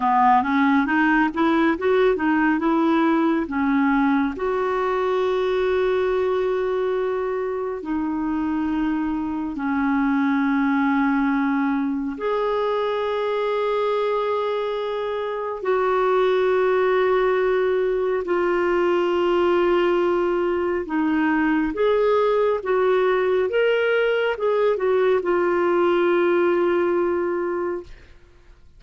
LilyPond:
\new Staff \with { instrumentName = "clarinet" } { \time 4/4 \tempo 4 = 69 b8 cis'8 dis'8 e'8 fis'8 dis'8 e'4 | cis'4 fis'2.~ | fis'4 dis'2 cis'4~ | cis'2 gis'2~ |
gis'2 fis'2~ | fis'4 f'2. | dis'4 gis'4 fis'4 ais'4 | gis'8 fis'8 f'2. | }